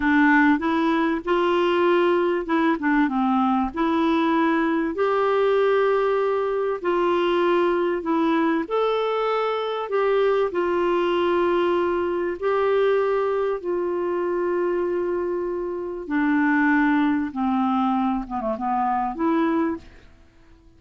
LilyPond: \new Staff \with { instrumentName = "clarinet" } { \time 4/4 \tempo 4 = 97 d'4 e'4 f'2 | e'8 d'8 c'4 e'2 | g'2. f'4~ | f'4 e'4 a'2 |
g'4 f'2. | g'2 f'2~ | f'2 d'2 | c'4. b16 a16 b4 e'4 | }